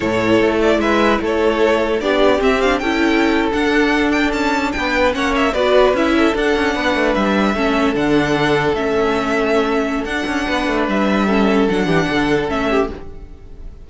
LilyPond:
<<
  \new Staff \with { instrumentName = "violin" } { \time 4/4 \tempo 4 = 149 cis''4. d''8 e''4 cis''4~ | cis''4 d''4 e''8 f''8 g''4~ | g''8. fis''4. g''8 a''4 g''16~ | g''8. fis''8 e''8 d''4 e''4 fis''16~ |
fis''4.~ fis''16 e''2 fis''16~ | fis''4.~ fis''16 e''2~ e''16~ | e''4 fis''2 e''4~ | e''4 fis''2 e''4 | }
  \new Staff \with { instrumentName = "violin" } { \time 4/4 a'2 b'4 a'4~ | a'4 g'2 a'4~ | a'2.~ a'8. b'16~ | b'8. cis''4 b'4. a'8.~ |
a'8. b'2 a'4~ a'16~ | a'1~ | a'2 b'2 | a'4. g'8 a'4. g'8 | }
  \new Staff \with { instrumentName = "viola" } { \time 4/4 e'1~ | e'4 d'4 c'8 d'8 e'4~ | e'8. d'2.~ d'16~ | d'8. cis'4 fis'4 e'4 d'16~ |
d'2~ d'8. cis'4 d'16~ | d'4.~ d'16 cis'2~ cis'16~ | cis'4 d'2. | cis'4 d'2 cis'4 | }
  \new Staff \with { instrumentName = "cello" } { \time 4/4 a,4 a4 gis4 a4~ | a4 b4 c'4 cis'4~ | cis'8. d'2 cis'4 b16~ | b8. ais4 b4 cis'4 d'16~ |
d'16 cis'8 b8 a8 g4 a4 d16~ | d4.~ d16 a2~ a16~ | a4 d'8 cis'8 b8 a8 g4~ | g4 fis8 e8 d4 a4 | }
>>